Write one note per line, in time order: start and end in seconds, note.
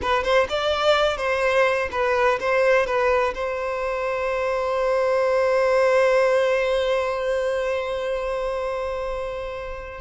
0.01 0.23 B4
0.23 0.47 C5
0.49 1.17 D5
1.17 1.88 C5
1.91 2.39 B4
2.40 2.86 C5
2.86 3.34 B4
3.34 10.00 C5